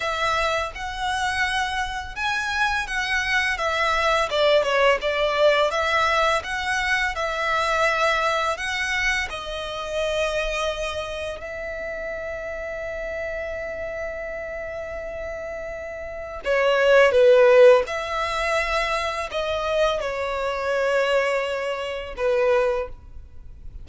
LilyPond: \new Staff \with { instrumentName = "violin" } { \time 4/4 \tempo 4 = 84 e''4 fis''2 gis''4 | fis''4 e''4 d''8 cis''8 d''4 | e''4 fis''4 e''2 | fis''4 dis''2. |
e''1~ | e''2. cis''4 | b'4 e''2 dis''4 | cis''2. b'4 | }